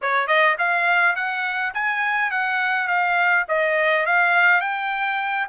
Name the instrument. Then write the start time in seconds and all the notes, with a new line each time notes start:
trumpet
0.01 C#5
0.27 D#5
0.58 F5
1.15 F#5
1.73 G#5
2.30 F#5
2.87 F5
3.48 D#5
4.06 F5
4.60 G5